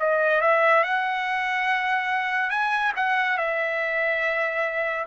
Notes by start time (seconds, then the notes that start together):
0.00 D#5
0.41 E5
0.84 F#5
2.50 G#5
2.96 F#5
3.38 E5